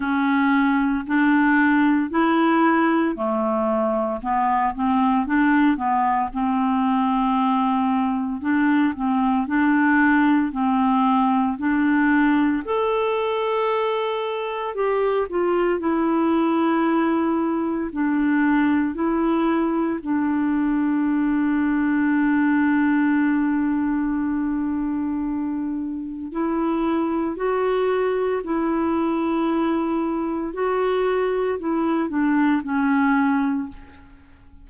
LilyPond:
\new Staff \with { instrumentName = "clarinet" } { \time 4/4 \tempo 4 = 57 cis'4 d'4 e'4 a4 | b8 c'8 d'8 b8 c'2 | d'8 c'8 d'4 c'4 d'4 | a'2 g'8 f'8 e'4~ |
e'4 d'4 e'4 d'4~ | d'1~ | d'4 e'4 fis'4 e'4~ | e'4 fis'4 e'8 d'8 cis'4 | }